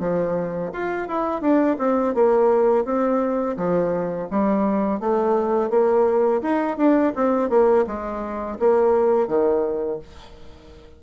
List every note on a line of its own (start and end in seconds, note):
0.00 0.71 F3
0.73 1.08 F4
1.08 1.41 E4
1.41 1.77 D4
1.79 2.15 C4
2.15 2.85 A#3
2.85 3.56 C4
3.57 4.29 F3
4.31 5.00 G3
5.00 5.70 A3
5.70 6.42 A#3
6.42 6.77 D#4
6.77 7.13 D4
7.16 7.50 C4
7.50 7.85 A#3
7.87 8.58 G#3
8.59 9.28 A#3
9.28 9.99 D#3